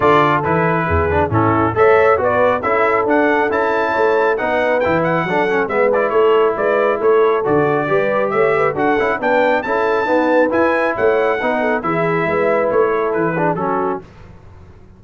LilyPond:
<<
  \new Staff \with { instrumentName = "trumpet" } { \time 4/4 \tempo 4 = 137 d''4 b'2 a'4 | e''4 d''4 e''4 fis''4 | a''2 fis''4 g''8 fis''8~ | fis''4 e''8 d''8 cis''4 d''4 |
cis''4 d''2 e''4 | fis''4 g''4 a''2 | gis''4 fis''2 e''4~ | e''4 cis''4 b'4 a'4 | }
  \new Staff \with { instrumentName = "horn" } { \time 4/4 a'2 gis'4 e'4 | cis''4 b'4 a'2~ | a'4 cis''4 b'2 | a'4 b'4 a'4 b'4 |
a'2 b'4 cis''8 b'8 | a'4 b'4 a'4 b'4~ | b'4 cis''4 b'8 a'8 gis'4 | b'4. a'4 gis'8 fis'4 | }
  \new Staff \with { instrumentName = "trombone" } { \time 4/4 f'4 e'4. d'8 cis'4 | a'4 fis'4 e'4 d'4 | e'2 dis'4 e'4 | d'8 cis'8 b8 e'2~ e'8~ |
e'4 fis'4 g'2 | fis'8 e'8 d'4 e'4 b4 | e'2 dis'4 e'4~ | e'2~ e'8 d'8 cis'4 | }
  \new Staff \with { instrumentName = "tuba" } { \time 4/4 d4 e4 e,4 a,4 | a4 b4 cis'4 d'4 | cis'4 a4 b4 e4 | fis4 gis4 a4 gis4 |
a4 d4 g4 a4 | d'8 cis'8 b4 cis'4 dis'4 | e'4 a4 b4 e4 | gis4 a4 e4 fis4 | }
>>